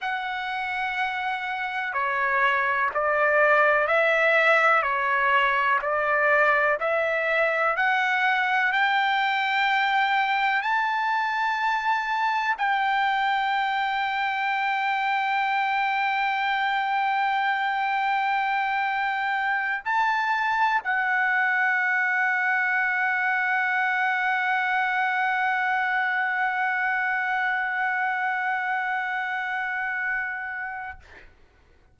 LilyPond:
\new Staff \with { instrumentName = "trumpet" } { \time 4/4 \tempo 4 = 62 fis''2 cis''4 d''4 | e''4 cis''4 d''4 e''4 | fis''4 g''2 a''4~ | a''4 g''2.~ |
g''1~ | g''8 a''4 fis''2~ fis''8~ | fis''1~ | fis''1 | }